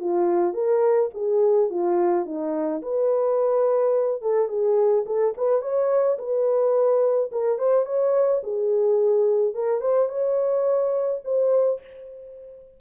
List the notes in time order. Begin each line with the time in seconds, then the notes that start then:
0.00 F4
0.54 A#4
1.14 G#4
1.70 F4
2.26 D#4
2.82 B4
4.22 A4
4.49 G#4
5.06 A4
5.37 B4
5.62 C#5
6.19 B4
7.32 A#4
7.59 C5
7.86 C#5
8.43 G#4
9.55 A#4
9.81 C5
10.09 C#5
11.25 C5